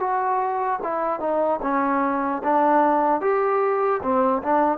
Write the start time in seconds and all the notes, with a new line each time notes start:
0.00 F#4
0.83 E4
1.20 D#4
1.63 C#4
2.44 D4
3.21 G4
4.03 C4
4.43 D4